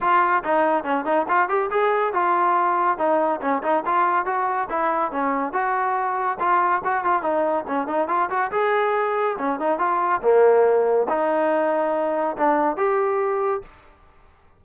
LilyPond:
\new Staff \with { instrumentName = "trombone" } { \time 4/4 \tempo 4 = 141 f'4 dis'4 cis'8 dis'8 f'8 g'8 | gis'4 f'2 dis'4 | cis'8 dis'8 f'4 fis'4 e'4 | cis'4 fis'2 f'4 |
fis'8 f'8 dis'4 cis'8 dis'8 f'8 fis'8 | gis'2 cis'8 dis'8 f'4 | ais2 dis'2~ | dis'4 d'4 g'2 | }